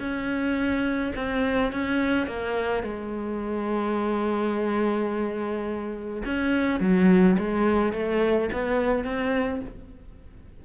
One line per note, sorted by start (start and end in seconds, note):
0.00 1.13 C#4
1.16 1.73 C4
1.73 2.27 C#4
2.27 2.84 A#3
2.84 6.23 G#3
6.25 6.81 C#4
6.81 7.37 F#3
7.38 7.93 G#3
7.93 8.50 A3
8.53 9.05 B3
9.05 9.61 C4